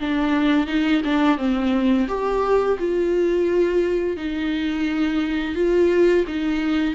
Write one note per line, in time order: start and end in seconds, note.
0.00 0.67 D4
0.67 1.02 D#4
1.04 1.38 D4
1.38 2.07 C4
2.08 2.78 G4
2.79 4.17 F4
4.17 5.55 D#4
5.55 6.25 F4
6.27 6.95 D#4